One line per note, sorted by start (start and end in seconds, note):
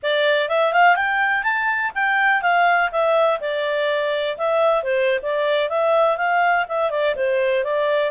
0.02 0.48 D5
0.48 0.73 E5
0.73 0.96 F5
0.96 1.43 G5
1.43 1.91 A5
1.95 2.41 G5
2.41 2.90 F5
2.91 3.39 E5
3.40 4.37 D5
4.37 4.83 E5
4.83 5.19 C5
5.22 5.69 D5
5.69 6.17 E5
6.17 6.65 F5
6.68 6.90 E5
6.90 7.14 D5
7.15 7.63 C5
7.63 8.10 D5